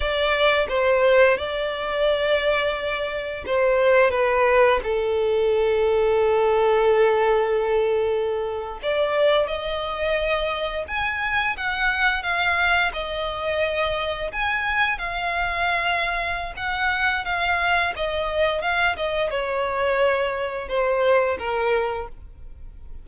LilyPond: \new Staff \with { instrumentName = "violin" } { \time 4/4 \tempo 4 = 87 d''4 c''4 d''2~ | d''4 c''4 b'4 a'4~ | a'1~ | a'8. d''4 dis''2 gis''16~ |
gis''8. fis''4 f''4 dis''4~ dis''16~ | dis''8. gis''4 f''2~ f''16 | fis''4 f''4 dis''4 f''8 dis''8 | cis''2 c''4 ais'4 | }